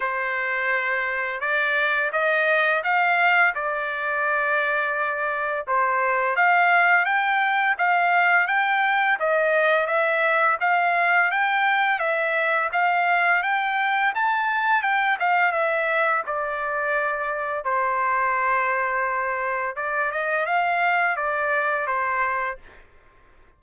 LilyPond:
\new Staff \with { instrumentName = "trumpet" } { \time 4/4 \tempo 4 = 85 c''2 d''4 dis''4 | f''4 d''2. | c''4 f''4 g''4 f''4 | g''4 dis''4 e''4 f''4 |
g''4 e''4 f''4 g''4 | a''4 g''8 f''8 e''4 d''4~ | d''4 c''2. | d''8 dis''8 f''4 d''4 c''4 | }